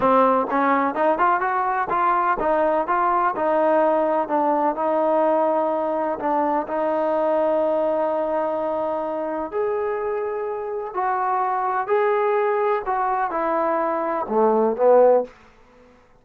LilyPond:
\new Staff \with { instrumentName = "trombone" } { \time 4/4 \tempo 4 = 126 c'4 cis'4 dis'8 f'8 fis'4 | f'4 dis'4 f'4 dis'4~ | dis'4 d'4 dis'2~ | dis'4 d'4 dis'2~ |
dis'1 | gis'2. fis'4~ | fis'4 gis'2 fis'4 | e'2 a4 b4 | }